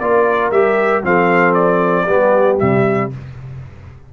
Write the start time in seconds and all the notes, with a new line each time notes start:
0.00 A#3 F4 A#4 D5
0.51 G3 G4 E5
1.04 F3 C4 A4 F5
1.55 D5
2.05 G3 B3 G4
2.59 C3 G3 E5